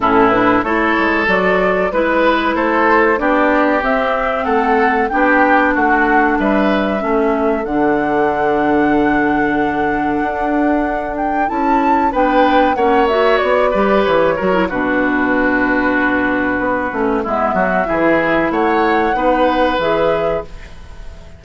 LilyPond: <<
  \new Staff \with { instrumentName = "flute" } { \time 4/4 \tempo 4 = 94 a'8 b'8 cis''4 d''4 b'4 | c''4 d''4 e''4 fis''4 | g''4 fis''4 e''2 | fis''1~ |
fis''4. g''8 a''4 g''4 | fis''8 e''8 d''4 cis''4 b'4~ | b'2. e''4~ | e''4 fis''2 e''4 | }
  \new Staff \with { instrumentName = "oboe" } { \time 4/4 e'4 a'2 b'4 | a'4 g'2 a'4 | g'4 fis'4 b'4 a'4~ | a'1~ |
a'2. b'4 | cis''4. b'4 ais'8 fis'4~ | fis'2. e'8 fis'8 | gis'4 cis''4 b'2 | }
  \new Staff \with { instrumentName = "clarinet" } { \time 4/4 cis'8 d'8 e'4 fis'4 e'4~ | e'4 d'4 c'2 | d'2. cis'4 | d'1~ |
d'2 e'4 d'4 | cis'8 fis'4 g'4 fis'16 e'16 d'4~ | d'2~ d'8 cis'8 b4 | e'2 dis'4 gis'4 | }
  \new Staff \with { instrumentName = "bassoon" } { \time 4/4 a,4 a8 gis8 fis4 gis4 | a4 b4 c'4 a4 | b4 a4 g4 a4 | d1 |
d'2 cis'4 b4 | ais4 b8 g8 e8 fis8 b,4~ | b,2 b8 a8 gis8 fis8 | e4 a4 b4 e4 | }
>>